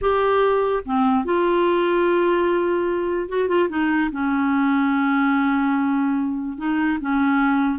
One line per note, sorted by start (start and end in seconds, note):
0.01 0.83 G4
0.85 1.24 C4
1.24 3.28 F4
3.28 3.48 F#4
3.48 3.69 F4
3.69 4.10 D#4
4.11 6.57 C#4
6.57 6.98 D#4
7.00 7.79 C#4